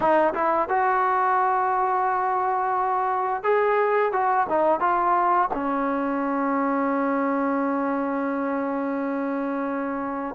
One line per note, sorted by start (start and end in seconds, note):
0.00 0.33 D#4
0.34 0.68 E4
0.68 3.43 F#4
3.43 4.12 G#4
4.12 4.46 F#4
4.49 4.80 D#4
4.80 5.49 F4
5.53 10.35 C#4